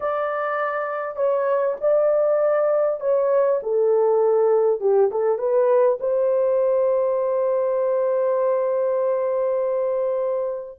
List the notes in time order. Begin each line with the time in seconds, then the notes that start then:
0.00 D5
1.16 C#5
1.80 D5
3.00 C#5
3.62 A4
4.80 G4
5.11 A4
5.38 B4
6.00 C5